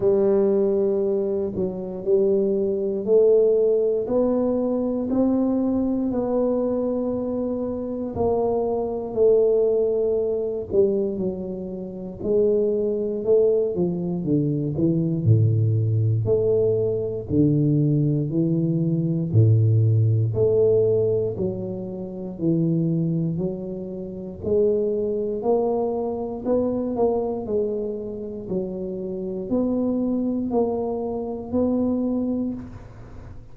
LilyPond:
\new Staff \with { instrumentName = "tuba" } { \time 4/4 \tempo 4 = 59 g4. fis8 g4 a4 | b4 c'4 b2 | ais4 a4. g8 fis4 | gis4 a8 f8 d8 e8 a,4 |
a4 d4 e4 a,4 | a4 fis4 e4 fis4 | gis4 ais4 b8 ais8 gis4 | fis4 b4 ais4 b4 | }